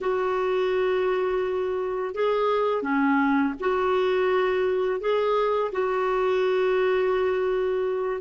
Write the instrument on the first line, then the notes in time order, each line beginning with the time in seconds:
clarinet
0.00 F#4
2.14 G#4
2.82 C#4
3.59 F#4
5.00 G#4
5.72 F#4